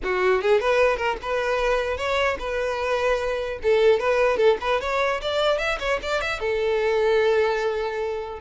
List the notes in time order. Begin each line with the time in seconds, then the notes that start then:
0.03 F#4
0.41 G#4
0.60 B4
0.96 A#4
1.22 B4
1.97 C#5
2.39 B4
3.62 A4
3.99 B4
4.37 A4
4.60 B4
4.80 C#5
5.21 D5
5.58 E5
5.79 C#5
6.02 D5
6.21 E5
6.39 A4